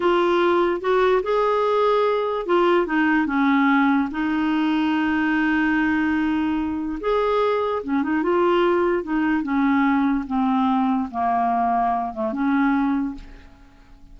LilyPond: \new Staff \with { instrumentName = "clarinet" } { \time 4/4 \tempo 4 = 146 f'2 fis'4 gis'4~ | gis'2 f'4 dis'4 | cis'2 dis'2~ | dis'1~ |
dis'4 gis'2 cis'8 dis'8 | f'2 dis'4 cis'4~ | cis'4 c'2 ais4~ | ais4. a8 cis'2 | }